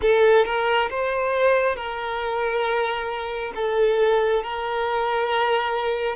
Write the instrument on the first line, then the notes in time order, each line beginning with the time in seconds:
violin
0.01 A4
0.45 A#4
0.90 C5
1.76 A#4
3.55 A4
4.43 A#4